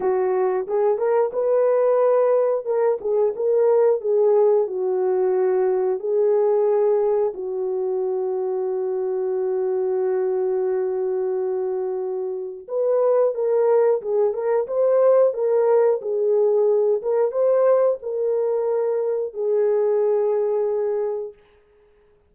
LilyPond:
\new Staff \with { instrumentName = "horn" } { \time 4/4 \tempo 4 = 90 fis'4 gis'8 ais'8 b'2 | ais'8 gis'8 ais'4 gis'4 fis'4~ | fis'4 gis'2 fis'4~ | fis'1~ |
fis'2. b'4 | ais'4 gis'8 ais'8 c''4 ais'4 | gis'4. ais'8 c''4 ais'4~ | ais'4 gis'2. | }